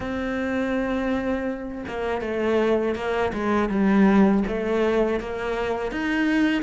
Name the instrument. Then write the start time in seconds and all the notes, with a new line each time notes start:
cello
0.00 C4
1.87 A#3
2.21 A3
2.95 A#3
3.33 G#3
3.69 G3
4.47 A3
5.20 A#3
5.91 D#4